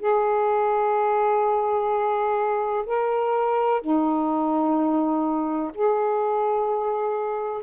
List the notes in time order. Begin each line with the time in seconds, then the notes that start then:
0.00 G#4
2.86 A#4
3.81 D#4
5.75 G#4